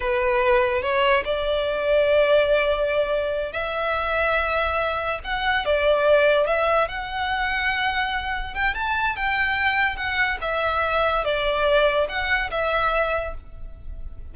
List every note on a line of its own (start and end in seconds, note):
0.00 0.82 B4
0.82 1.23 C#5
1.24 3.52 D5
3.52 5.19 E5
5.23 5.65 F#5
5.65 6.46 D5
6.46 6.88 E5
6.88 8.54 F#5
8.54 8.74 G5
8.74 9.16 A5
9.16 9.96 G5
9.96 10.38 F#5
10.41 11.24 E5
11.24 12.07 D5
12.09 12.50 F#5
12.51 13.34 E5